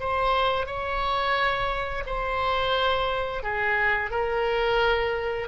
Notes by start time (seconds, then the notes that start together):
0.00 C5
0.66 C#5
2.07 C5
3.44 G#4
4.11 A#4